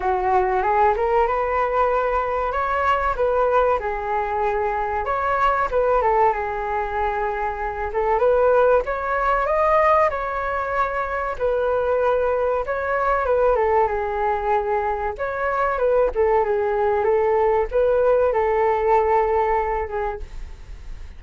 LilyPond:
\new Staff \with { instrumentName = "flute" } { \time 4/4 \tempo 4 = 95 fis'4 gis'8 ais'8 b'2 | cis''4 b'4 gis'2 | cis''4 b'8 a'8 gis'2~ | gis'8 a'8 b'4 cis''4 dis''4 |
cis''2 b'2 | cis''4 b'8 a'8 gis'2 | cis''4 b'8 a'8 gis'4 a'4 | b'4 a'2~ a'8 gis'8 | }